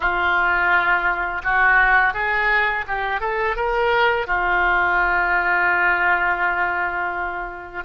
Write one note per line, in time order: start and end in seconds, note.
0.00 1.42 F4
1.43 2.13 F#4
2.13 2.85 G#4
2.87 3.20 G4
3.20 3.56 A4
3.56 4.27 A#4
4.27 7.84 F4